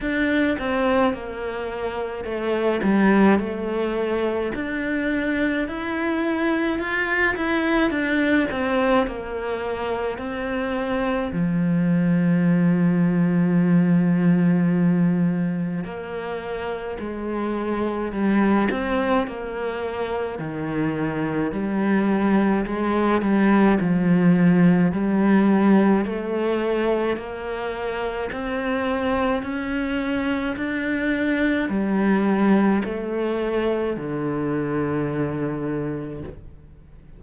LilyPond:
\new Staff \with { instrumentName = "cello" } { \time 4/4 \tempo 4 = 53 d'8 c'8 ais4 a8 g8 a4 | d'4 e'4 f'8 e'8 d'8 c'8 | ais4 c'4 f2~ | f2 ais4 gis4 |
g8 c'8 ais4 dis4 g4 | gis8 g8 f4 g4 a4 | ais4 c'4 cis'4 d'4 | g4 a4 d2 | }